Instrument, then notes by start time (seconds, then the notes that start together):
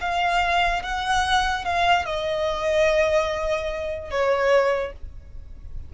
violin
0.00 F5
0.82 F#5
1.64 F5
2.05 D#5
4.10 C#5